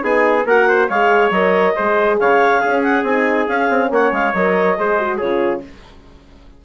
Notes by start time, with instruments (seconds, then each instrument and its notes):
0.00 bassoon B3, horn D#4, trumpet G#4, clarinet G#5
0.45 bassoon A#3, horn F#4, trumpet A#4, clarinet F#5
0.69 trumpet C5
0.89 bassoon G#3, horn G#4, trumpet C#5, clarinet F5
1.31 bassoon F#3, horn A#4, clarinet D#5
1.76 bassoon G#3, horn G#4, trumpet C5
2.20 bassoon C#3, trumpet C#5, clarinet F5
2.60 horn C#4, bassoon C#4, trumpet G#4
2.83 clarinet F#5
3.03 bassoon C4, horn D#4, clarinet G#5
3.48 horn C#4, bassoon C#4, clarinet F5
3.70 bassoon C4
3.90 bassoon A#3, trumpet C#5, clarinet F#5
4.12 bassoon G#3, clarinet F5
4.34 bassoon F#3, horn A#4, clarinet D#5
4.77 bassoon G#3, horn G#4, trumpet C5
4.99 horn F#4
5.18 bassoon C#3, horn F4, trumpet G#4, clarinet C#5